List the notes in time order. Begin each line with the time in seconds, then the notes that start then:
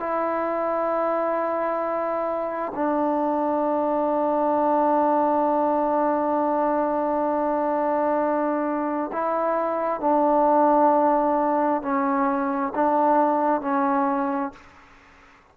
0.00 E4
2.75 D4
9.13 E4
10.01 D4
11.82 C#4
12.75 D4
13.62 C#4